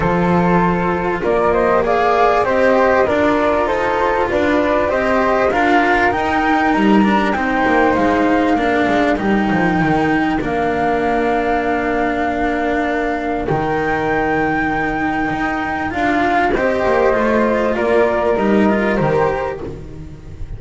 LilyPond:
<<
  \new Staff \with { instrumentName = "flute" } { \time 4/4 \tempo 4 = 98 c''2 d''8 dis''8 f''4 | dis''4 d''4 c''4 d''4 | dis''4 f''4 g''4 ais''4 | g''4 f''2 g''4~ |
g''4 f''2.~ | f''2 g''2~ | g''2 f''4 dis''4~ | dis''4 d''4 dis''4 c''4 | }
  \new Staff \with { instrumentName = "flute" } { \time 4/4 a'2 ais'8 c''8 d''4 | c''4 ais'4 a'4 b'4 | c''4 ais'2. | c''2 ais'2~ |
ais'1~ | ais'1~ | ais'2. c''4~ | c''4 ais'2. | }
  \new Staff \with { instrumentName = "cello" } { \time 4/4 f'2~ f'8. g'16 gis'4 | g'4 f'2. | g'4 f'4 dis'4. d'8 | dis'2 d'4 dis'4~ |
dis'4 d'2.~ | d'2 dis'2~ | dis'2 f'4 g'4 | f'2 dis'8 f'8 g'4 | }
  \new Staff \with { instrumentName = "double bass" } { \time 4/4 f2 ais2 | c'4 d'4 dis'4 d'4 | c'4 d'4 dis'4 g4 | c'8 ais8 gis4 ais8 gis8 g8 f8 |
dis4 ais2.~ | ais2 dis2~ | dis4 dis'4 d'4 c'8 ais8 | a4 ais4 g4 dis4 | }
>>